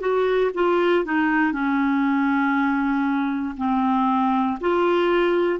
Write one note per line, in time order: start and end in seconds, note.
0.00 0.51 F#4
0.54 1.05 F4
1.05 1.52 D#4
1.52 3.55 C#4
3.57 4.59 C4
4.60 5.59 F4